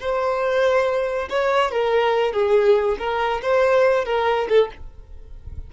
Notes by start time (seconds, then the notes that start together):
0.00 C5
1.30 C#5
1.71 A#4
2.33 G#4
2.98 A#4
3.42 C5
4.05 A#4
4.49 A4